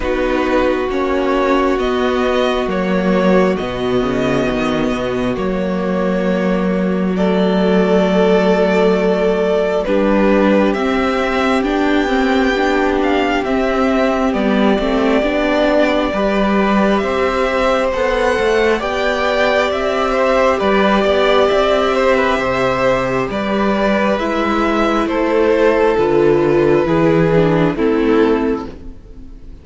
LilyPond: <<
  \new Staff \with { instrumentName = "violin" } { \time 4/4 \tempo 4 = 67 b'4 cis''4 dis''4 cis''4 | dis''2 cis''2 | d''2. b'4 | e''4 g''4. f''8 e''4 |
d''2. e''4 | fis''4 g''4 e''4 d''4 | e''2 d''4 e''4 | c''4 b'2 a'4 | }
  \new Staff \with { instrumentName = "violin" } { \time 4/4 fis'1~ | fis'1 | a'2. g'4~ | g'1~ |
g'2 b'4 c''4~ | c''4 d''4. c''8 b'8 d''8~ | d''8 c''16 b'16 c''4 b'2 | a'2 gis'4 e'4 | }
  \new Staff \with { instrumentName = "viola" } { \time 4/4 dis'4 cis'4 b4 ais4 | b2 ais2 | a2. d'4 | c'4 d'8 c'8 d'4 c'4 |
b8 c'8 d'4 g'2 | a'4 g'2.~ | g'2. e'4~ | e'4 f'4 e'8 d'8 c'4 | }
  \new Staff \with { instrumentName = "cello" } { \time 4/4 b4 ais4 b4 fis4 | b,8 cis8 dis8 b,8 fis2~ | fis2. g4 | c'4 b2 c'4 |
g8 a8 b4 g4 c'4 | b8 a8 b4 c'4 g8 b8 | c'4 c4 g4 gis4 | a4 d4 e4 a4 | }
>>